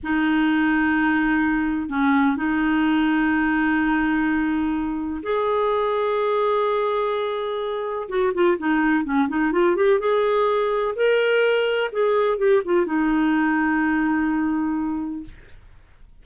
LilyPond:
\new Staff \with { instrumentName = "clarinet" } { \time 4/4 \tempo 4 = 126 dis'1 | cis'4 dis'2.~ | dis'2. gis'4~ | gis'1~ |
gis'4 fis'8 f'8 dis'4 cis'8 dis'8 | f'8 g'8 gis'2 ais'4~ | ais'4 gis'4 g'8 f'8 dis'4~ | dis'1 | }